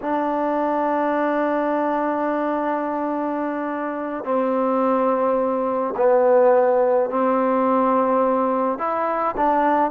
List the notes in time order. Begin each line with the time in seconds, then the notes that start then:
0.01 D4
4.24 C4
5.96 B3
7.10 C4
8.78 E4
9.36 D4